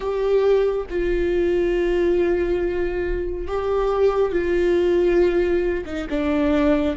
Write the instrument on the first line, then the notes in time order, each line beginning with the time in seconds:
viola
0.00 G4
0.89 F4
3.47 G4
4.32 F4
5.85 D#4
6.09 D4